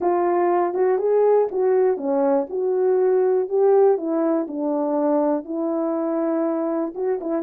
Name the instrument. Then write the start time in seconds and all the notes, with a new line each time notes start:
horn
0.00 F4
0.74 F#4
0.98 G#4
1.51 F#4
1.97 C#4
2.49 F#4
3.48 G4
3.97 E4
4.47 D4
5.44 E4
6.94 F#4
7.21 E4